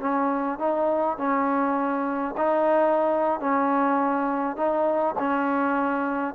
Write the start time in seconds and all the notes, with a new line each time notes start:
0.00 C#4
0.59 D#4
1.18 C#4
2.37 D#4
3.40 C#4
4.56 D#4
5.19 C#4